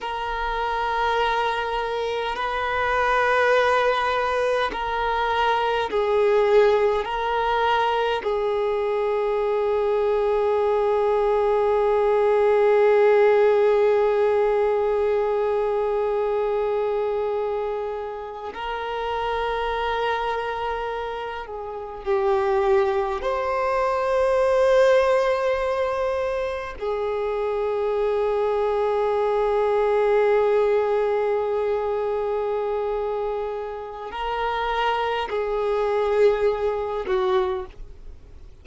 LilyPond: \new Staff \with { instrumentName = "violin" } { \time 4/4 \tempo 4 = 51 ais'2 b'2 | ais'4 gis'4 ais'4 gis'4~ | gis'1~ | gis'2.~ gis'8. ais'16~ |
ais'2~ ais'16 gis'8 g'4 c''16~ | c''2~ c''8. gis'4~ gis'16~ | gis'1~ | gis'4 ais'4 gis'4. fis'8 | }